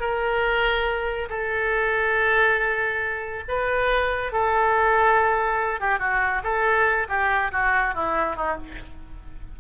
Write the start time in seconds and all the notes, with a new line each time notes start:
0.00 A#4
1.29 A4
3.48 B4
4.32 A4
5.80 G4
5.99 F#4
6.43 A4
7.09 G4
7.52 F#4
7.94 E4
8.36 D#4